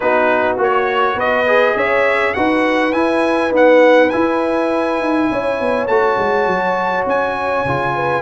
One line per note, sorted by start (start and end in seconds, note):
0.00 0.58 B3
0.00 0.57 D#4
0.00 1.15 F#4
0.00 0.56 B4
0.57 1.15 A#3
0.57 1.46 F#4
0.57 1.19 C#5
1.15 1.74 B3
1.15 1.74 B4
1.15 1.77 D#5
1.46 2.35 G#4
1.76 2.34 C#4
1.76 2.35 C#5
1.76 2.33 E5
2.33 2.92 D#4
2.33 2.93 F#4
2.33 5.30 B4
2.33 2.92 F#5
2.92 3.50 E4
2.92 3.51 G#5
3.50 4.09 B3
3.50 4.09 D#4
3.50 4.09 F#5
4.09 5.88 E4
4.09 5.00 E4
4.09 5.86 G#5
5.00 5.30 D#4
5.31 5.60 C#4
5.31 7.95 C#5
5.60 5.87 B3
5.87 6.16 A3
5.87 7.66 F#4
5.87 7.05 A5
6.18 6.46 G#3
6.46 7.05 F#3
7.06 7.64 C#4
7.06 8.22 G#5
7.65 8.22 C#3
7.65 8.22 F4
7.95 8.22 B4